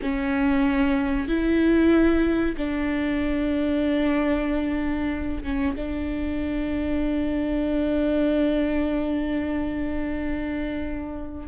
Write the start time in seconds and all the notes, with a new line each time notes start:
0.01 C#4
1.28 E4
2.57 D4
5.43 C#4
5.75 D4